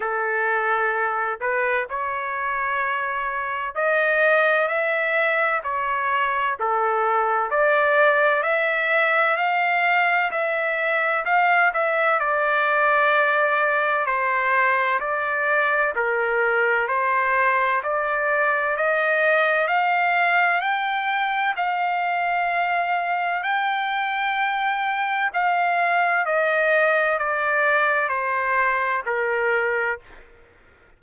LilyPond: \new Staff \with { instrumentName = "trumpet" } { \time 4/4 \tempo 4 = 64 a'4. b'8 cis''2 | dis''4 e''4 cis''4 a'4 | d''4 e''4 f''4 e''4 | f''8 e''8 d''2 c''4 |
d''4 ais'4 c''4 d''4 | dis''4 f''4 g''4 f''4~ | f''4 g''2 f''4 | dis''4 d''4 c''4 ais'4 | }